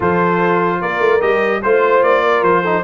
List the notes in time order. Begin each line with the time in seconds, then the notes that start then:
0.00 F3 F4 A4 C5
0.80 A#3 A#4 D5
1.00 A3
1.20 G3 G4 D#5
1.62 A3 F4 C5
2.02 A#3 D5
2.23 A#4
2.42 F3 C5
2.61 D#4 A4